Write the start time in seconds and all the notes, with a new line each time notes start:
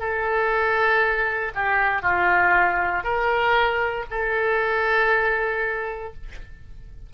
0.00 A4
1.55 G4
2.02 F4
3.04 A#4
4.10 A4